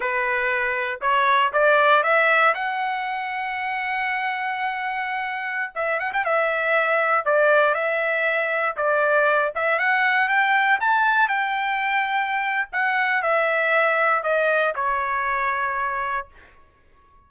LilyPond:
\new Staff \with { instrumentName = "trumpet" } { \time 4/4 \tempo 4 = 118 b'2 cis''4 d''4 | e''4 fis''2.~ | fis''2.~ fis''16 e''8 fis''16 | g''16 e''2 d''4 e''8.~ |
e''4~ e''16 d''4. e''8 fis''8.~ | fis''16 g''4 a''4 g''4.~ g''16~ | g''4 fis''4 e''2 | dis''4 cis''2. | }